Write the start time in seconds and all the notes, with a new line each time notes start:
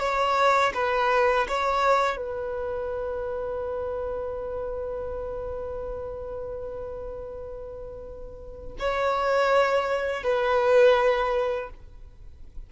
0.00 C#5
0.74 B4
1.48 C#5
2.17 B4
8.79 C#5
10.23 B4